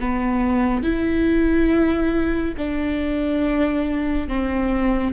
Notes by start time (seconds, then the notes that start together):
0.00 B3
0.83 E4
2.58 D4
4.28 C4